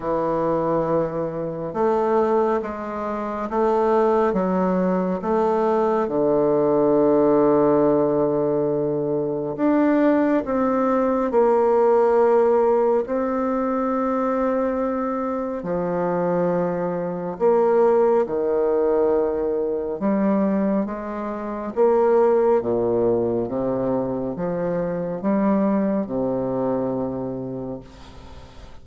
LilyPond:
\new Staff \with { instrumentName = "bassoon" } { \time 4/4 \tempo 4 = 69 e2 a4 gis4 | a4 fis4 a4 d4~ | d2. d'4 | c'4 ais2 c'4~ |
c'2 f2 | ais4 dis2 g4 | gis4 ais4 ais,4 c4 | f4 g4 c2 | }